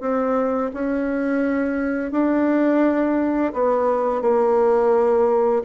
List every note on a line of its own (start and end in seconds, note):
0.00 0.71 C4
0.73 2.11 C#4
2.11 3.53 D4
3.53 4.22 B3
4.22 5.63 A#3